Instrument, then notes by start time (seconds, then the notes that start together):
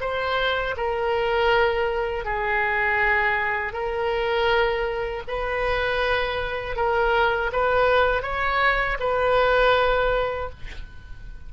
oboe
0.00 C5
0.77 A#4
2.24 G#4
3.73 A#4
5.27 B4
6.75 A#4
7.52 B4
8.22 C#5
8.99 B4